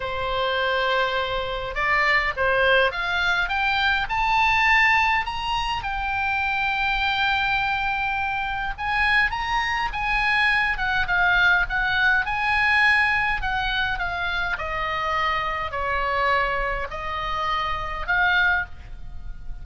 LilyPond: \new Staff \with { instrumentName = "oboe" } { \time 4/4 \tempo 4 = 103 c''2. d''4 | c''4 f''4 g''4 a''4~ | a''4 ais''4 g''2~ | g''2. gis''4 |
ais''4 gis''4. fis''8 f''4 | fis''4 gis''2 fis''4 | f''4 dis''2 cis''4~ | cis''4 dis''2 f''4 | }